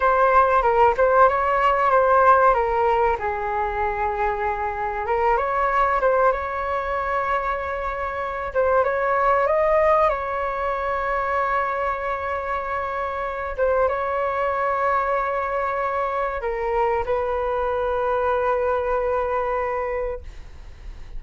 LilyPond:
\new Staff \with { instrumentName = "flute" } { \time 4/4 \tempo 4 = 95 c''4 ais'8 c''8 cis''4 c''4 | ais'4 gis'2. | ais'8 cis''4 c''8 cis''2~ | cis''4. c''8 cis''4 dis''4 |
cis''1~ | cis''4. c''8 cis''2~ | cis''2 ais'4 b'4~ | b'1 | }